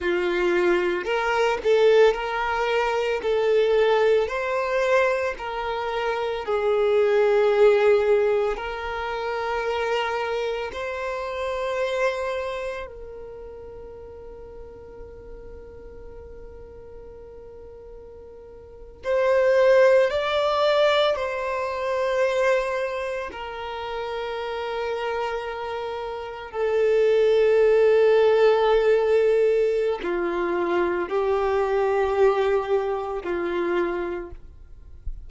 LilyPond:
\new Staff \with { instrumentName = "violin" } { \time 4/4 \tempo 4 = 56 f'4 ais'8 a'8 ais'4 a'4 | c''4 ais'4 gis'2 | ais'2 c''2 | ais'1~ |
ais'4.~ ais'16 c''4 d''4 c''16~ | c''4.~ c''16 ais'2~ ais'16~ | ais'8. a'2.~ a'16 | f'4 g'2 f'4 | }